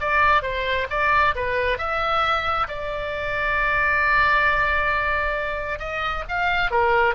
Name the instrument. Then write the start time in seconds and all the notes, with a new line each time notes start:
oboe
0.00 D5
0.42 C5
0.90 D5
1.35 B4
1.77 E5
2.67 D5
5.79 D#5
6.28 F5
6.70 A#4